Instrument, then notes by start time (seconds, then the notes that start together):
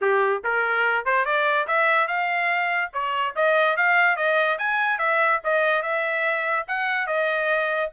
trumpet
0.01 G4
0.43 A#4
1.05 C5
1.25 D5
1.67 E5
2.07 F5
2.93 C#5
3.35 D#5
3.77 F5
4.16 D#5
4.58 G#5
4.98 E5
5.44 D#5
5.82 E5
6.67 F#5
7.07 D#5